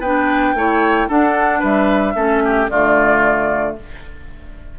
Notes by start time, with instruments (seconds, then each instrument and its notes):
0.00 bassoon B3, clarinet D4, oboe B4, flute G5
0.54 bassoon A3, clarinet E4, oboe C#5
1.08 bassoon D4, clarinet D4, oboe A4, flute F#5
1.59 bassoon G3, oboe B4, flute E5
2.15 bassoon A3, clarinet C#4, oboe A4
2.44 oboe G4
2.69 bassoon D3, clarinet A3, oboe F4, flute D5